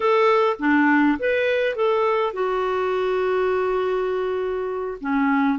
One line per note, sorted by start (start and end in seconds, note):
0.00 0.56 A4
0.59 1.18 D4
1.19 1.75 B4
1.75 2.33 A4
2.33 4.97 F#4
5.01 5.58 C#4